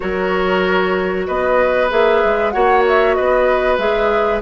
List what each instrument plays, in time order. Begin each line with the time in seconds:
0.00 bassoon F#3, clarinet F#4, oboe A#4, flute C#5
1.27 bassoon B3, oboe B4, flute D#5
1.90 bassoon A#3, clarinet G#4, flute E5
2.24 bassoon G#3
2.50 bassoon A#3, clarinet F#4, oboe C#5, flute F#5
2.88 flute E5
3.14 bassoon B3, oboe B4, flute D#5
3.78 bassoon G#3, clarinet G#4, flute E5